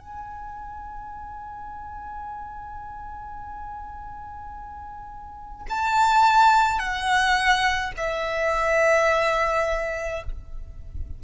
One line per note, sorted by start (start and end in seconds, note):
0.00 5.66 G#5
5.70 6.79 A5
6.79 7.92 F#5
7.97 10.23 E5